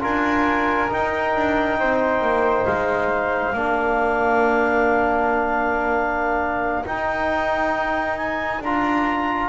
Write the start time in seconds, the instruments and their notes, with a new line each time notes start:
0.00 double bass D4, trombone F4, flute A#4, clarinet G#5
0.89 trombone D#4, double bass D#4, clarinet G5
1.36 double bass D4
1.79 double bass C4, flute C5
2.22 double bass A#3
2.65 double bass G#3, clarinet F5
3.54 double bass A#3, trombone D4, flute A#4
6.86 double bass D#4, trombone D#4, clarinet G5
8.17 clarinet G#5
8.61 double bass D4, trombone F4, clarinet A#5